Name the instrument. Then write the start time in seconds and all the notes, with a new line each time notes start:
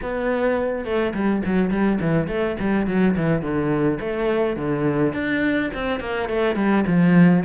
cello
0.02 B3
0.84 A3
1.14 G3
1.45 F#3
1.70 G3
2.00 E3
2.27 A3
2.59 G3
2.86 F#3
3.16 E3
3.41 D3
4.00 A3
4.56 D3
5.13 D4
5.74 C4
6.00 A#3
6.29 A3
6.55 G3
6.86 F3